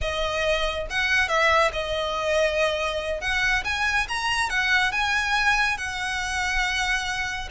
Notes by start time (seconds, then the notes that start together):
0.01 D#5
0.89 F#5
1.28 E5
1.72 D#5
3.20 F#5
3.64 G#5
4.08 A#5
4.49 F#5
4.92 G#5
5.77 F#5